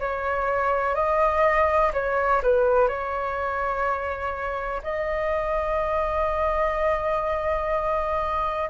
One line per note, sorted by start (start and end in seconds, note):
0.00 0.95 C#5
0.95 1.92 D#5
1.94 2.42 C#5
2.43 2.89 B4
2.89 4.82 C#5
4.83 8.70 D#5